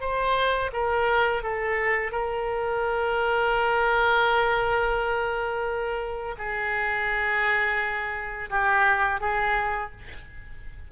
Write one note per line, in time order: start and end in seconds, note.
0.00 0.71 C5
0.73 1.42 A#4
1.42 2.11 A4
2.11 6.35 A#4
6.38 8.49 G#4
8.50 9.20 G4
9.20 9.90 G#4